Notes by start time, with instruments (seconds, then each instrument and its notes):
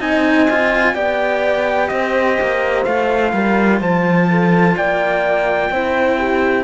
0.00 cello C4 D#4, horn D#5, trumpet G#5
0.51 cello F4
0.94 cello B3 G4, horn D5, trumpet G5
1.89 cello C4, horn C5, trumpet D#5
2.41 cello A#3
2.85 cello A3 F4, trumpet F5
3.34 cello G3, horn A#4
3.80 cello F3, horn C5, trumpet A5
4.31 horn A4
4.77 cello A#3, horn D5, trumpet G5
5.70 cello C4 E4, horn C5
6.18 horn G4